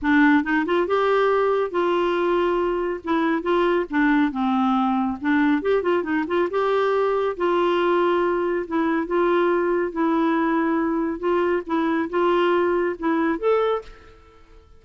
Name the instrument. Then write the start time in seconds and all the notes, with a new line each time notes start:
clarinet
0.02 D4
0.43 D#4
0.65 F4
0.87 G4
1.70 F4
3.04 E4
3.42 F4
3.89 D4
4.31 C4
5.20 D4
5.61 G4
5.82 F4
6.03 D#4
6.27 F4
6.50 G4
7.36 F4
8.67 E4
9.06 F4
9.92 E4
11.19 F4
11.66 E4
12.09 F4
12.98 E4
13.39 A4